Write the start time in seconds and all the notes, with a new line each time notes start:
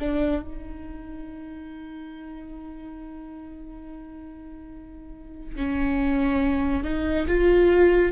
0.00 D4
0.43 D#4
5.56 C#4
6.84 D#4
7.28 F4